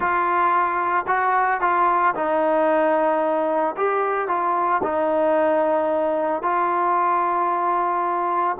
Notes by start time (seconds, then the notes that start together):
0.00 F4
1.07 F#4
1.60 F4
2.15 D#4
3.76 G4
4.27 F4
4.83 D#4
6.42 F4